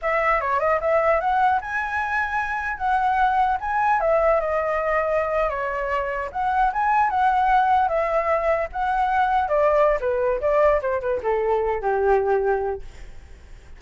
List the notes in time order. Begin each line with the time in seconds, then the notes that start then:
0.01 E5
0.40 C#5
0.59 D#5
0.80 E5
1.20 F#5
1.61 G#5
2.77 F#5
3.60 G#5
4.00 E5
4.40 D#5
5.49 C#5
6.31 F#5
6.73 G#5
7.10 F#5
7.88 E5
8.72 F#5
9.48 D5
10.00 B4
10.40 D5
10.81 C5
11.01 B4
11.22 A4
11.81 G4